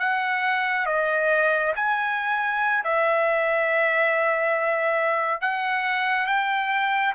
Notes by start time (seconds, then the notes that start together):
0.00 F#5
0.87 D#5
1.76 G#5
2.85 E5
5.42 F#5
6.27 G5